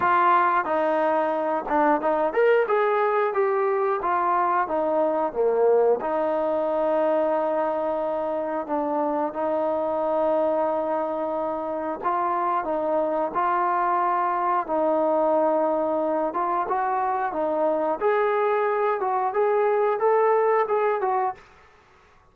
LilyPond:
\new Staff \with { instrumentName = "trombone" } { \time 4/4 \tempo 4 = 90 f'4 dis'4. d'8 dis'8 ais'8 | gis'4 g'4 f'4 dis'4 | ais4 dis'2.~ | dis'4 d'4 dis'2~ |
dis'2 f'4 dis'4 | f'2 dis'2~ | dis'8 f'8 fis'4 dis'4 gis'4~ | gis'8 fis'8 gis'4 a'4 gis'8 fis'8 | }